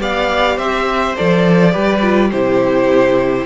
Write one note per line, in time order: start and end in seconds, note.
0.00 0.57 B3
0.00 1.15 G4
0.00 0.57 D5
0.00 0.58 F5
0.57 1.15 C4
0.57 1.72 C5
0.57 1.16 E5
1.17 1.75 F3
1.17 1.72 A4
1.17 2.31 D5
1.72 2.33 G3
1.72 2.00 G4
1.72 2.30 B4
2.02 2.31 F4
2.31 3.46 C3
2.31 3.46 E4
2.31 3.46 G4
2.31 3.46 C5